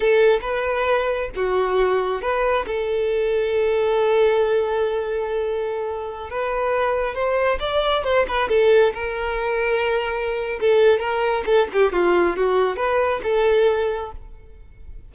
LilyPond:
\new Staff \with { instrumentName = "violin" } { \time 4/4 \tempo 4 = 136 a'4 b'2 fis'4~ | fis'4 b'4 a'2~ | a'1~ | a'2~ a'16 b'4.~ b'16~ |
b'16 c''4 d''4 c''8 b'8 a'8.~ | a'16 ais'2.~ ais'8. | a'4 ais'4 a'8 g'8 f'4 | fis'4 b'4 a'2 | }